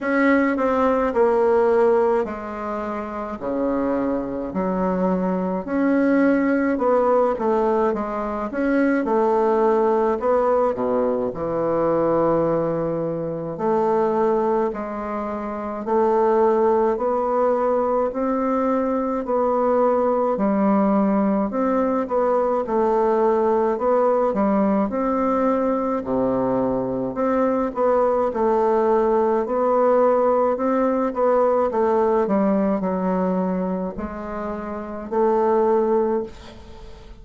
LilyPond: \new Staff \with { instrumentName = "bassoon" } { \time 4/4 \tempo 4 = 53 cis'8 c'8 ais4 gis4 cis4 | fis4 cis'4 b8 a8 gis8 cis'8 | a4 b8 b,8 e2 | a4 gis4 a4 b4 |
c'4 b4 g4 c'8 b8 | a4 b8 g8 c'4 c4 | c'8 b8 a4 b4 c'8 b8 | a8 g8 fis4 gis4 a4 | }